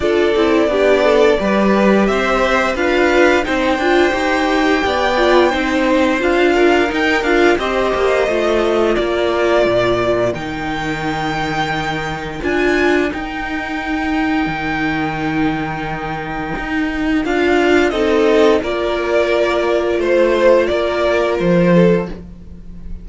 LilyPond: <<
  \new Staff \with { instrumentName = "violin" } { \time 4/4 \tempo 4 = 87 d''2. e''4 | f''4 g''2.~ | g''4 f''4 g''8 f''8 dis''4~ | dis''4 d''2 g''4~ |
g''2 gis''4 g''4~ | g''1~ | g''4 f''4 dis''4 d''4~ | d''4 c''4 d''4 c''4 | }
  \new Staff \with { instrumentName = "violin" } { \time 4/4 a'4 g'8 a'8 b'4 c''4 | b'4 c''2 d''4 | c''4. ais'4. c''4~ | c''4 ais'2.~ |
ais'1~ | ais'1~ | ais'2 a'4 ais'4~ | ais'4 c''4 ais'4. a'8 | }
  \new Staff \with { instrumentName = "viola" } { \time 4/4 f'8 e'8 d'4 g'2 | f'4 dis'8 f'8 g'4. f'8 | dis'4 f'4 dis'8 f'8 g'4 | f'2. dis'4~ |
dis'2 f'4 dis'4~ | dis'1~ | dis'4 f'4 dis'4 f'4~ | f'1 | }
  \new Staff \with { instrumentName = "cello" } { \time 4/4 d'8 c'8 b4 g4 c'4 | d'4 c'8 d'8 dis'4 b4 | c'4 d'4 dis'8 d'8 c'8 ais8 | a4 ais4 ais,4 dis4~ |
dis2 d'4 dis'4~ | dis'4 dis2. | dis'4 d'4 c'4 ais4~ | ais4 a4 ais4 f4 | }
>>